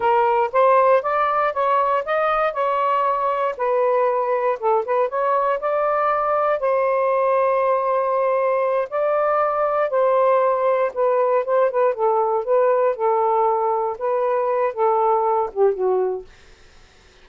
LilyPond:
\new Staff \with { instrumentName = "saxophone" } { \time 4/4 \tempo 4 = 118 ais'4 c''4 d''4 cis''4 | dis''4 cis''2 b'4~ | b'4 a'8 b'8 cis''4 d''4~ | d''4 c''2.~ |
c''4. d''2 c''8~ | c''4. b'4 c''8 b'8 a'8~ | a'8 b'4 a'2 b'8~ | b'4 a'4. g'8 fis'4 | }